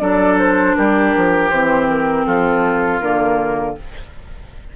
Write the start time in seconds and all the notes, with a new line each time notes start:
0.00 F#3 D4 A4 D5
0.39 C5
0.76 G3 G4 A#4
1.16 F3
1.49 E3 C4 C5
1.89 A#4
2.26 F3 F4 A4
3.00 D3 A#3 A#4